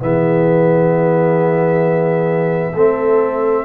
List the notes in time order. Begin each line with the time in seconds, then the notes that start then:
0.00 E3 B3 G#4 E5
2.73 A3 C4 A4